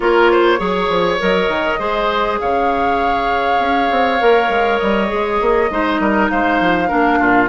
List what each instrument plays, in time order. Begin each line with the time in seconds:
0.00 bassoon A#3, clarinet F4, oboe A#4, flute C#5
0.31 oboe C5
0.58 bassoon F#3, clarinet G#4, oboe C#5
0.89 bassoon F3
1.19 bassoon F#3, clarinet A#4, flute D#5
1.48 bassoon D#3
1.79 bassoon G#3, clarinet G#4, oboe C5
2.39 bassoon C#3, oboe C#5, flute F5
3.59 bassoon C#4
3.91 bassoon C4
4.20 bassoon A#3, clarinet A#4
4.49 bassoon G#3
4.78 bassoon G3, flute D#5
5.07 bassoon G#3, clarinet G#4
5.40 bassoon A#3
5.70 bassoon G#3, clarinet D#4, oboe C5
5.99 bassoon G3, oboe A#4
6.29 bassoon G#3, oboe C5, flute F5
6.60 bassoon F3
6.88 bassoon A#3, clarinet D4, oboe A#4
7.19 bassoon A#2, oboe F4